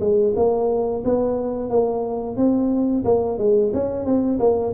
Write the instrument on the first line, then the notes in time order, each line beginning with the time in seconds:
tuba
0.00 G#3
0.36 A#3
1.05 B3
1.70 A#3
2.37 C4
3.05 A#3
3.38 G#3
3.73 C#4
4.05 C4
4.39 A#3